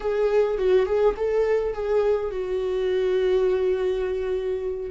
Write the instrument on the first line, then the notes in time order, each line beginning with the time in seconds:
viola
0.00 G#4
0.58 F#4
0.86 G#4
1.16 A4
1.73 G#4
2.30 F#4